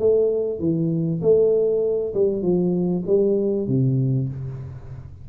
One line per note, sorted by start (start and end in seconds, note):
0.00 0.60 A3
0.60 1.21 E3
1.22 2.14 A3
2.15 2.43 G3
2.43 3.04 F3
3.07 3.68 G3
3.68 4.29 C3